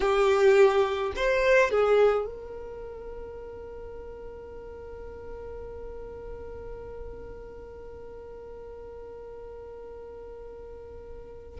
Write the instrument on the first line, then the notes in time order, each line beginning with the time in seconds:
violin
0.00 G4
1.16 C5
1.70 G#4
2.25 A#4